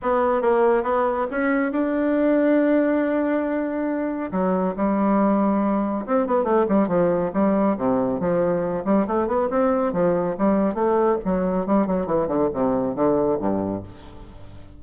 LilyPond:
\new Staff \with { instrumentName = "bassoon" } { \time 4/4 \tempo 4 = 139 b4 ais4 b4 cis'4 | d'1~ | d'2 fis4 g4~ | g2 c'8 b8 a8 g8 |
f4 g4 c4 f4~ | f8 g8 a8 b8 c'4 f4 | g4 a4 fis4 g8 fis8 | e8 d8 c4 d4 g,4 | }